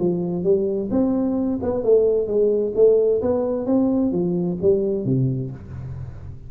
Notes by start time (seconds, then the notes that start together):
0.00 F3
0.44 G3
0.91 C4
1.63 B3
1.84 A3
2.28 G#3
2.76 A3
3.22 B3
3.66 C4
4.12 F3
4.62 G3
5.05 C3